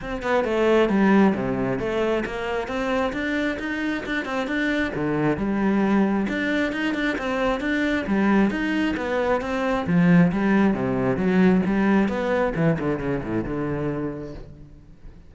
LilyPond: \new Staff \with { instrumentName = "cello" } { \time 4/4 \tempo 4 = 134 c'8 b8 a4 g4 c4 | a4 ais4 c'4 d'4 | dis'4 d'8 c'8 d'4 d4 | g2 d'4 dis'8 d'8 |
c'4 d'4 g4 dis'4 | b4 c'4 f4 g4 | c4 fis4 g4 b4 | e8 d8 cis8 a,8 d2 | }